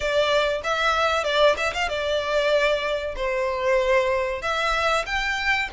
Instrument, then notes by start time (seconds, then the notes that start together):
violin
0.00 D5
0.63 E5
1.23 D5
1.57 E5
1.73 F5
1.88 D5
3.16 C5
4.42 E5
5.06 G5